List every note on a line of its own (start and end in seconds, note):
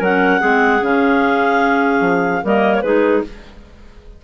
0.00 0.41 F#3
0.00 0.40 C#4
0.00 0.40 A#4
0.00 0.84 F#5
0.40 0.81 G#3
0.40 0.81 C4
0.40 2.42 G#4
0.81 2.01 C#3
0.81 2.44 C#4
0.81 2.46 F5
2.01 2.41 F3
2.43 2.83 G3
2.43 2.84 A#3
2.43 2.84 A#4
2.43 2.75 D#5
2.75 2.81 C#5
2.81 3.23 G#3
2.81 3.24 D#4
2.81 3.24 G#4
2.81 3.22 B4